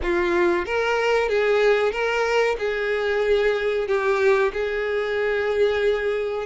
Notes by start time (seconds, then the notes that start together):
0.02 F4
0.65 A#4
1.28 G#4
1.92 A#4
2.58 G#4
3.87 G4
4.53 G#4